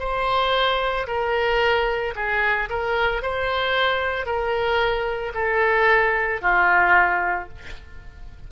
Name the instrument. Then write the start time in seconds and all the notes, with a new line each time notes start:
oboe
0.00 C5
1.08 A#4
2.16 G#4
2.70 A#4
3.22 C5
4.26 A#4
5.35 A4
6.42 F4